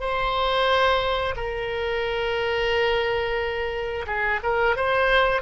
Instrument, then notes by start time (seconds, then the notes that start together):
oboe
0.00 C5
1.36 A#4
4.06 G#4
4.43 A#4
4.76 C5